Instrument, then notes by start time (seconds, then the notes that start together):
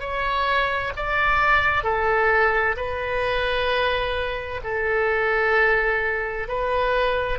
oboe
0.00 C#5
0.96 D5
1.83 A4
2.76 B4
4.63 A4
6.48 B4